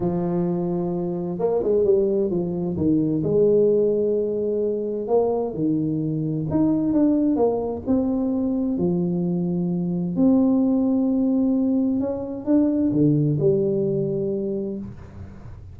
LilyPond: \new Staff \with { instrumentName = "tuba" } { \time 4/4 \tempo 4 = 130 f2. ais8 gis8 | g4 f4 dis4 gis4~ | gis2. ais4 | dis2 dis'4 d'4 |
ais4 c'2 f4~ | f2 c'2~ | c'2 cis'4 d'4 | d4 g2. | }